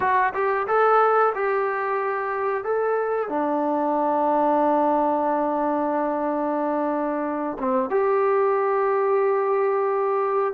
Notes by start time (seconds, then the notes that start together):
0.00 F#4
0.34 G4
0.67 A4
1.34 G4
2.63 A4
3.29 D4
7.58 C4
7.89 G4